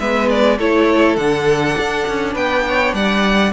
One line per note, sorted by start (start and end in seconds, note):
0.00 0.59 G#3
0.00 0.59 B3
0.00 0.58 B4
0.00 0.29 E5
0.30 0.59 D5
0.58 1.17 A3
0.58 1.18 E4
0.58 2.34 A4
0.58 1.17 C#5
1.17 1.76 D3
1.17 3.53 D4
1.17 2.35 F#5
1.79 2.08 D4
2.08 2.36 C#4
2.34 2.94 B3
2.34 2.63 B4
2.34 2.94 G5
2.69 2.96 C#5
2.94 3.53 G3
2.94 3.53 D5
2.94 3.53 F#5